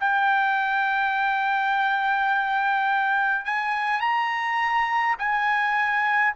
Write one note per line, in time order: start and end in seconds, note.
0.00 3.45 G5
3.45 4.01 G#5
4.01 5.16 A#5
5.19 6.34 G#5